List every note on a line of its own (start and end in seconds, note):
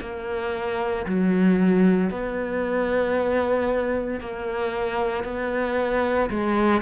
0.00 1.05 A#3
1.06 2.10 F#3
2.10 4.20 B3
4.20 5.24 A#3
5.24 6.29 B3
6.30 6.81 G#3